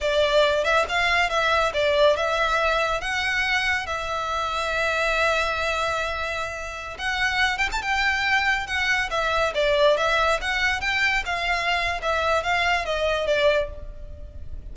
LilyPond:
\new Staff \with { instrumentName = "violin" } { \time 4/4 \tempo 4 = 140 d''4. e''8 f''4 e''4 | d''4 e''2 fis''4~ | fis''4 e''2.~ | e''1~ |
e''16 fis''4. g''16 a''16 g''4.~ g''16~ | g''16 fis''4 e''4 d''4 e''8.~ | e''16 fis''4 g''4 f''4.~ f''16 | e''4 f''4 dis''4 d''4 | }